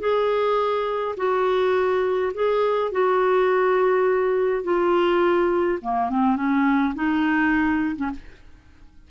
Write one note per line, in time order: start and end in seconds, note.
0.00 1.15 G#4
1.17 2.33 F#4
2.34 2.92 G#4
2.92 4.64 F#4
4.64 5.79 F4
5.82 6.10 A#3
6.10 6.36 C4
6.36 6.94 C#4
6.95 7.96 D#4
7.96 8.11 C#4